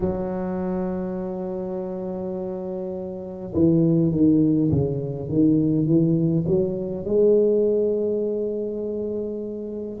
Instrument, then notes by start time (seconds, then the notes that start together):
tuba
0.00 F#3
3.54 E3
4.11 D#3
4.71 C#3
5.28 D#3
5.86 E3
6.47 F#3
7.05 G#3